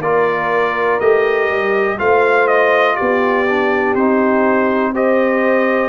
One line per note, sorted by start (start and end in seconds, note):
0.00 0.98 A#3
0.00 1.01 F4
0.00 1.98 A#4
0.00 1.00 D5
1.00 1.49 A3
1.00 1.98 G4
1.00 1.98 D#5
1.49 1.99 G3
1.98 2.98 A3
1.98 3.46 F4
1.98 2.96 C5
1.98 2.47 F5
2.47 2.96 D#5
2.96 3.95 B3
2.96 4.92 G4
2.96 3.94 D5
3.49 3.98 D4
3.95 5.89 C4
3.95 4.94 D#4
3.95 4.94 C5
4.92 5.89 G4
4.92 5.89 C5
4.92 5.89 D#5